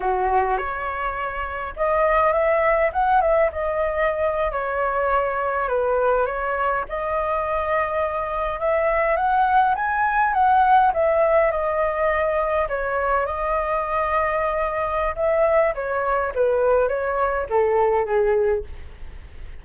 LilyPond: \new Staff \with { instrumentName = "flute" } { \time 4/4 \tempo 4 = 103 fis'4 cis''2 dis''4 | e''4 fis''8 e''8 dis''4.~ dis''16 cis''16~ | cis''4.~ cis''16 b'4 cis''4 dis''16~ | dis''2~ dis''8. e''4 fis''16~ |
fis''8. gis''4 fis''4 e''4 dis''16~ | dis''4.~ dis''16 cis''4 dis''4~ dis''16~ | dis''2 e''4 cis''4 | b'4 cis''4 a'4 gis'4 | }